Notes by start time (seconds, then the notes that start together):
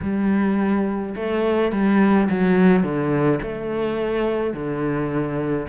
0.02 G3
1.15 A3
1.72 G3
2.30 F#3
2.83 D3
3.42 A3
4.53 D3